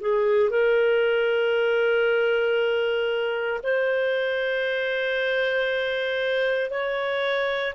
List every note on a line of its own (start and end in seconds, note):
0.00 0.50 G#4
0.50 3.60 A#4
3.63 6.70 C5
6.70 7.74 C#5